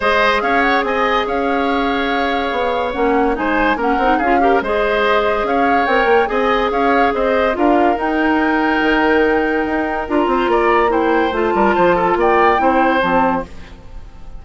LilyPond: <<
  \new Staff \with { instrumentName = "flute" } { \time 4/4 \tempo 4 = 143 dis''4 f''8 fis''8 gis''4 f''4~ | f''2. fis''4 | gis''4 fis''4 f''4 dis''4~ | dis''4 f''4 g''4 gis''4 |
f''4 dis''4 f''4 g''4~ | g''1 | ais''2 g''4 a''4~ | a''4 g''2 a''4 | }
  \new Staff \with { instrumentName = "oboe" } { \time 4/4 c''4 cis''4 dis''4 cis''4~ | cis''1 | c''4 ais'4 gis'8 ais'8 c''4~ | c''4 cis''2 dis''4 |
cis''4 c''4 ais'2~ | ais'1~ | ais'8 c''8 d''4 c''4. ais'8 | c''8 a'8 d''4 c''2 | }
  \new Staff \with { instrumentName = "clarinet" } { \time 4/4 gis'1~ | gis'2. cis'4 | dis'4 cis'8 dis'8 f'8 g'8 gis'4~ | gis'2 ais'4 gis'4~ |
gis'2 f'4 dis'4~ | dis'1 | f'2 e'4 f'4~ | f'2 e'4 c'4 | }
  \new Staff \with { instrumentName = "bassoon" } { \time 4/4 gis4 cis'4 c'4 cis'4~ | cis'2 b4 ais4 | gis4 ais8 c'8 cis'4 gis4~ | gis4 cis'4 c'8 ais8 c'4 |
cis'4 c'4 d'4 dis'4~ | dis'4 dis2 dis'4 | d'8 c'8 ais2 a8 g8 | f4 ais4 c'4 f4 | }
>>